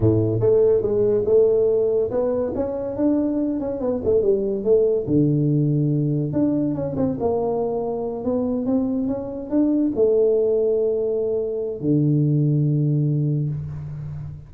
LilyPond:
\new Staff \with { instrumentName = "tuba" } { \time 4/4 \tempo 4 = 142 a,4 a4 gis4 a4~ | a4 b4 cis'4 d'4~ | d'8 cis'8 b8 a8 g4 a4 | d2. d'4 |
cis'8 c'8 ais2~ ais8 b8~ | b8 c'4 cis'4 d'4 a8~ | a1 | d1 | }